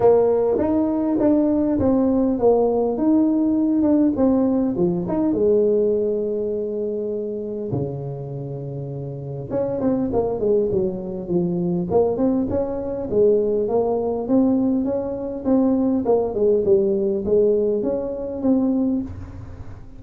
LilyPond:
\new Staff \with { instrumentName = "tuba" } { \time 4/4 \tempo 4 = 101 ais4 dis'4 d'4 c'4 | ais4 dis'4. d'8 c'4 | f8 dis'8 gis2.~ | gis4 cis2. |
cis'8 c'8 ais8 gis8 fis4 f4 | ais8 c'8 cis'4 gis4 ais4 | c'4 cis'4 c'4 ais8 gis8 | g4 gis4 cis'4 c'4 | }